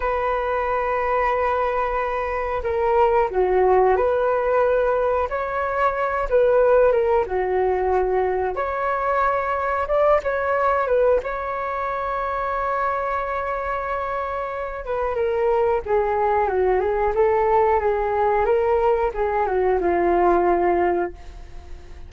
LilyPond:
\new Staff \with { instrumentName = "flute" } { \time 4/4 \tempo 4 = 91 b'1 | ais'4 fis'4 b'2 | cis''4. b'4 ais'8 fis'4~ | fis'4 cis''2 d''8 cis''8~ |
cis''8 b'8 cis''2.~ | cis''2~ cis''8 b'8 ais'4 | gis'4 fis'8 gis'8 a'4 gis'4 | ais'4 gis'8 fis'8 f'2 | }